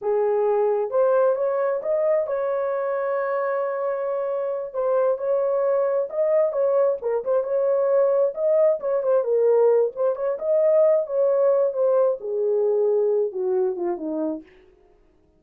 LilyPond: \new Staff \with { instrumentName = "horn" } { \time 4/4 \tempo 4 = 133 gis'2 c''4 cis''4 | dis''4 cis''2.~ | cis''2~ cis''8 c''4 cis''8~ | cis''4. dis''4 cis''4 ais'8 |
c''8 cis''2 dis''4 cis''8 | c''8 ais'4. c''8 cis''8 dis''4~ | dis''8 cis''4. c''4 gis'4~ | gis'4. fis'4 f'8 dis'4 | }